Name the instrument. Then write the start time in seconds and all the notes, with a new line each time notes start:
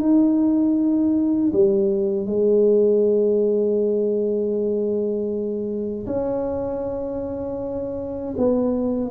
tuba
0.00 D#4
1.53 G3
2.26 G#3
6.07 C#4
8.37 B3